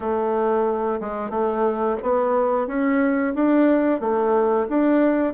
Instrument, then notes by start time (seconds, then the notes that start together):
bassoon
0.00 A3
1.00 G#3
1.30 A3
2.02 B3
2.67 C#4
3.35 D4
4.00 A3
4.69 D4